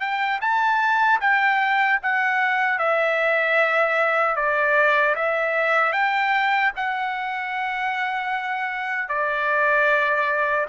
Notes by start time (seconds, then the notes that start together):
0.00 G5
0.41 A5
1.20 G5
2.02 F#5
2.78 E5
4.36 D5
5.15 E5
5.92 G5
6.76 F#5
9.08 D5